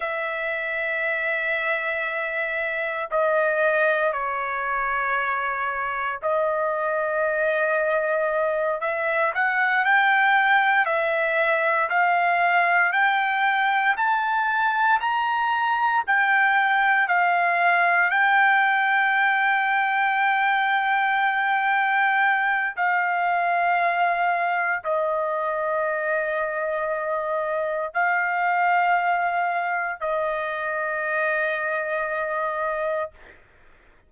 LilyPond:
\new Staff \with { instrumentName = "trumpet" } { \time 4/4 \tempo 4 = 58 e''2. dis''4 | cis''2 dis''2~ | dis''8 e''8 fis''8 g''4 e''4 f''8~ | f''8 g''4 a''4 ais''4 g''8~ |
g''8 f''4 g''2~ g''8~ | g''2 f''2 | dis''2. f''4~ | f''4 dis''2. | }